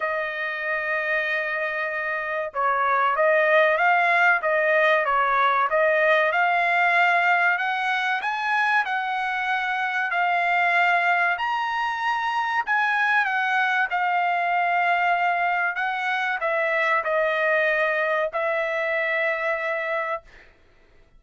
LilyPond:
\new Staff \with { instrumentName = "trumpet" } { \time 4/4 \tempo 4 = 95 dis''1 | cis''4 dis''4 f''4 dis''4 | cis''4 dis''4 f''2 | fis''4 gis''4 fis''2 |
f''2 ais''2 | gis''4 fis''4 f''2~ | f''4 fis''4 e''4 dis''4~ | dis''4 e''2. | }